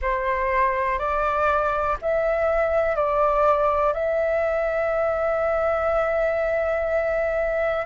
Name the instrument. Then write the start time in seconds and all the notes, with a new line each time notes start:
flute
0.01 C5
0.98 D5
2.01 E5
2.95 D5
3.93 E5